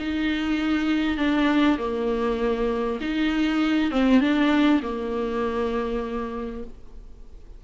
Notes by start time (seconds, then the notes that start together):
0.00 D#4
1.17 D4
1.78 A#3
3.01 D#4
3.91 C4
4.20 D4
4.82 A#3